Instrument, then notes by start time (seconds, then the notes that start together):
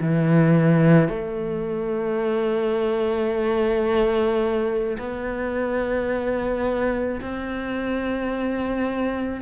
cello
0.00 E3
1.09 A3
4.98 B3
7.21 C4